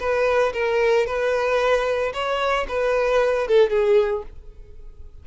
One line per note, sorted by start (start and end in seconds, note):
0.00 0.53 B4
0.54 1.07 A#4
1.07 2.13 B4
2.14 2.67 C#5
2.68 3.48 B4
3.48 3.70 A4
3.70 4.23 G#4